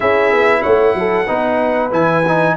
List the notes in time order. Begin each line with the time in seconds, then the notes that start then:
0.00 C#4 E4 G#4 E5
0.32 B3
0.62 A3 C#5 F#5
0.94 F#3 A4
1.26 B3 D#4 B4
1.91 E3 E4 G#5
2.27 D#4